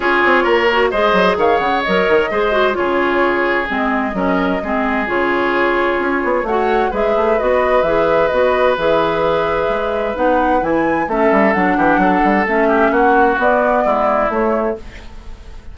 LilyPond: <<
  \new Staff \with { instrumentName = "flute" } { \time 4/4 \tempo 4 = 130 cis''2 dis''4 f''8 fis''8 | dis''2 cis''2 | dis''2. cis''4~ | cis''2 fis''4 e''4 |
dis''4 e''4 dis''4 e''4~ | e''2 fis''4 gis''4 | e''4 fis''2 e''4 | fis''4 d''2 cis''4 | }
  \new Staff \with { instrumentName = "oboe" } { \time 4/4 gis'4 ais'4 c''4 cis''4~ | cis''4 c''4 gis'2~ | gis'4 ais'4 gis'2~ | gis'2 cis''4 b'4~ |
b'1~ | b'1 | a'4. g'8 a'4. g'8 | fis'2 e'2 | }
  \new Staff \with { instrumentName = "clarinet" } { \time 4/4 f'4. fis'8 gis'2 | ais'4 gis'8 fis'8 f'2 | c'4 cis'4 c'4 f'4~ | f'2 fis'4 gis'4 |
fis'4 gis'4 fis'4 gis'4~ | gis'2 dis'4 e'4 | cis'4 d'2 cis'4~ | cis'4 b2 a4 | }
  \new Staff \with { instrumentName = "bassoon" } { \time 4/4 cis'8 c'8 ais4 gis8 fis8 dis8 cis8 | fis8 dis8 gis4 cis2 | gis4 fis4 gis4 cis4~ | cis4 cis'8 b8 a4 gis8 a8 |
b4 e4 b4 e4~ | e4 gis4 b4 e4 | a8 g8 fis8 e8 fis8 g8 a4 | ais4 b4 gis4 a4 | }
>>